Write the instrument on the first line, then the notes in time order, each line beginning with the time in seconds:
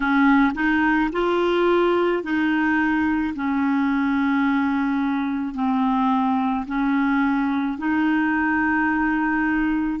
clarinet
0.00 C#4
0.54 D#4
1.12 F4
2.23 D#4
3.35 C#4
5.54 C4
6.67 C#4
7.78 D#4